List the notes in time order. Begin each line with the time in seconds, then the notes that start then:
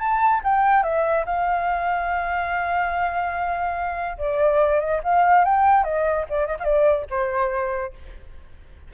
0.00 A5
0.44 G5
0.84 E5
1.26 F5
4.18 D5
4.80 D#5
5.04 F5
5.45 G5
5.84 D#5
6.30 D5
6.47 D#5
6.60 D5 F5
7.11 C5